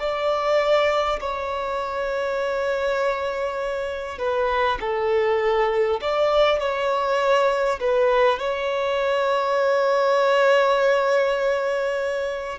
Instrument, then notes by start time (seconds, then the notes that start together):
violin
0.00 D5
1.21 C#5
4.18 B4
4.81 A4
6.01 D5
6.60 C#5
7.80 B4
8.39 C#5